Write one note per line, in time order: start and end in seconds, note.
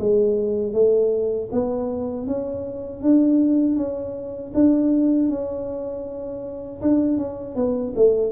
0.00 0.73 G#3
0.73 1.49 A3
1.52 2.27 B3
2.27 3.03 C#4
3.03 3.77 D4
3.77 4.53 C#4
4.55 5.30 D4
5.30 6.81 C#4
6.82 7.18 D4
7.18 7.56 C#4
7.56 7.94 B3
7.96 8.32 A3